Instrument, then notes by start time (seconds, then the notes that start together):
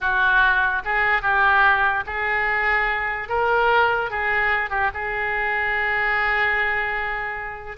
oboe
0.00 F#4
0.84 G#4
1.22 G4
2.06 G#4
3.28 A#4
4.10 G#4
4.70 G4
4.94 G#4